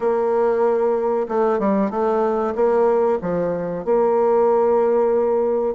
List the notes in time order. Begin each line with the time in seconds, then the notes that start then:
0.00 A#3
1.28 A3
1.59 G3
1.90 A3
2.55 A#3
3.21 F3
3.84 A#3